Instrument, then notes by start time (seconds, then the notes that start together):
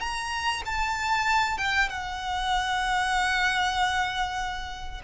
violin
0.00 A#5
0.65 A5
1.58 G5
1.89 F#5